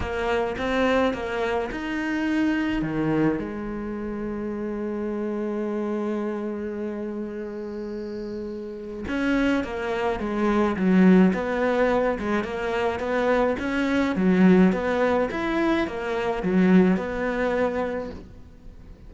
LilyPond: \new Staff \with { instrumentName = "cello" } { \time 4/4 \tempo 4 = 106 ais4 c'4 ais4 dis'4~ | dis'4 dis4 gis2~ | gis1~ | gis1 |
cis'4 ais4 gis4 fis4 | b4. gis8 ais4 b4 | cis'4 fis4 b4 e'4 | ais4 fis4 b2 | }